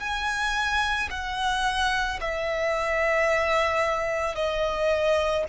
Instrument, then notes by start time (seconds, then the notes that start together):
violin
0.00 G#5
1.11 F#5
2.21 E5
4.36 D#5